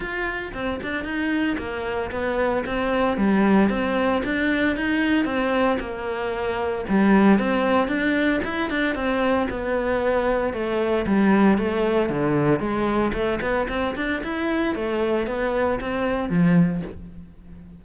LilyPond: \new Staff \with { instrumentName = "cello" } { \time 4/4 \tempo 4 = 114 f'4 c'8 d'8 dis'4 ais4 | b4 c'4 g4 c'4 | d'4 dis'4 c'4 ais4~ | ais4 g4 c'4 d'4 |
e'8 d'8 c'4 b2 | a4 g4 a4 d4 | gis4 a8 b8 c'8 d'8 e'4 | a4 b4 c'4 f4 | }